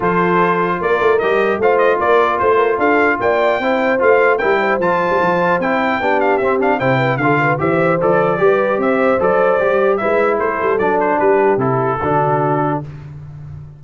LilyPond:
<<
  \new Staff \with { instrumentName = "trumpet" } { \time 4/4 \tempo 4 = 150 c''2 d''4 dis''4 | f''8 dis''8 d''4 c''4 f''4 | g''2 f''4 g''4 | a''2 g''4. f''8 |
e''8 f''8 g''4 f''4 e''4 | d''2 e''4 d''4~ | d''4 e''4 c''4 d''8 c''8 | b'4 a'2. | }
  \new Staff \with { instrumentName = "horn" } { \time 4/4 a'2 ais'2 | c''4 ais'4 c''8 ais'8 a'4 | d''4 c''2 ais'8 c''8~ | c''2. g'4~ |
g'4 c''8 b'8 a'8 b'8 c''4~ | c''4 b'4 c''2~ | c''4 b'4 a'2 | g'2 fis'2 | }
  \new Staff \with { instrumentName = "trombone" } { \time 4/4 f'2. g'4 | f'1~ | f'4 e'4 f'4 e'4 | f'2 e'4 d'4 |
c'8 d'8 e'4 f'4 g'4 | a'4 g'2 a'4 | g'4 e'2 d'4~ | d'4 e'4 d'2 | }
  \new Staff \with { instrumentName = "tuba" } { \time 4/4 f2 ais8 a8 g4 | a4 ais4 a4 d'4 | ais4 c'4 a4 g4 | f8. g16 f4 c'4 b4 |
c'4 c4 d4 e4 | f4 g4 c'4 fis4 | g4 gis4 a8 g8 fis4 | g4 c4 d2 | }
>>